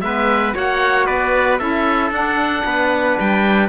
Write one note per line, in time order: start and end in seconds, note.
0.00 0.54 G#3
0.00 0.53 B3
0.00 0.54 B4
0.00 0.53 E5
0.53 1.08 A#3
0.53 1.58 F#4
0.53 1.06 C#5
0.53 1.06 F#5
1.06 1.60 B3
1.06 1.59 B4
1.06 1.58 D5
1.58 2.10 C#4
1.58 2.11 E4
1.58 2.64 A4
1.58 2.10 E5
2.10 2.63 D4
2.10 3.69 D4
2.10 3.19 F#5
2.64 3.17 B3
2.64 3.69 B4
3.19 3.69 G3
3.19 3.69 G5